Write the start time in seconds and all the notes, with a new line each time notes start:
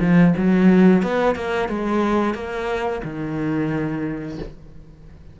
0.00 F3
0.37 F#3
1.03 B3
1.35 A#3
1.69 G#3
2.34 A#3
3.04 D#3